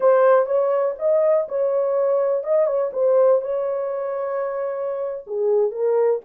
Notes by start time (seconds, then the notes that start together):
0.00 C5
0.45 C#5
0.98 D#5
1.48 C#5
2.43 D#5
2.66 C#5
2.92 C5
3.41 C#5
5.27 G#4
5.71 A#4